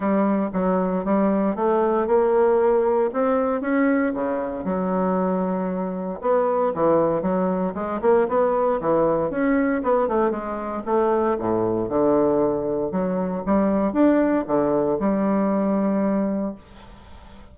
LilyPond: \new Staff \with { instrumentName = "bassoon" } { \time 4/4 \tempo 4 = 116 g4 fis4 g4 a4 | ais2 c'4 cis'4 | cis4 fis2. | b4 e4 fis4 gis8 ais8 |
b4 e4 cis'4 b8 a8 | gis4 a4 a,4 d4~ | d4 fis4 g4 d'4 | d4 g2. | }